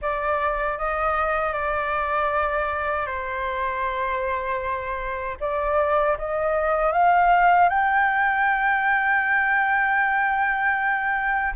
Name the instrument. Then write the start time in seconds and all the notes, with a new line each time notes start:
flute
0.01 D5
0.78 D#5
1.52 D5
3.06 C5
5.40 D5
6.17 D#5
6.92 F5
7.69 G5